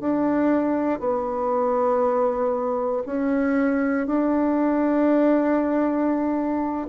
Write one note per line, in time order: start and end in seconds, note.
0.00 0.99 D4
0.99 3.03 B3
3.06 4.07 C#4
4.07 6.86 D4